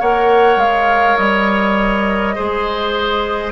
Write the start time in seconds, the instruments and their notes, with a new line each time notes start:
0.00 bassoon A#3, clarinet A#4, oboe C#5, flute F#5
0.57 bassoon G#3, flute F5
1.17 bassoon G3, flute D#5
2.36 bassoon G#3, clarinet G#4, oboe C5